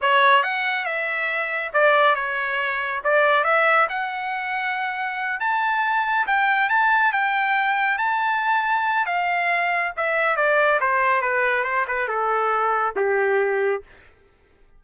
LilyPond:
\new Staff \with { instrumentName = "trumpet" } { \time 4/4 \tempo 4 = 139 cis''4 fis''4 e''2 | d''4 cis''2 d''4 | e''4 fis''2.~ | fis''8 a''2 g''4 a''8~ |
a''8 g''2 a''4.~ | a''4 f''2 e''4 | d''4 c''4 b'4 c''8 b'8 | a'2 g'2 | }